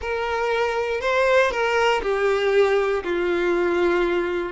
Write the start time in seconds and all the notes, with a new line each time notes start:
0.01 A#4
1.00 C5
1.51 A#4
2.02 G4
3.03 F4